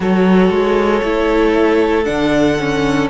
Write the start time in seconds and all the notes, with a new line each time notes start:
0.00 F#3 F#4 A4 C#5
0.50 G#3
1.03 A3 E4
2.04 D3 D4 F#5
2.59 C#4